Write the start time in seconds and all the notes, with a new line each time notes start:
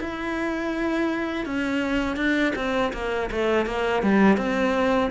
0.00 E4
1.45 C#4
2.16 D4
2.55 C4
2.93 A#3
3.31 A3
3.66 A#3
4.02 G3
4.37 C4